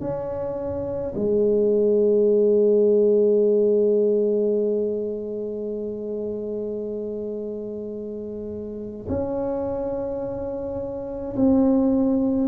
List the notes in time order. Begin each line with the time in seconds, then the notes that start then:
0.00 C#4
1.15 G#3
9.09 C#4
11.36 C4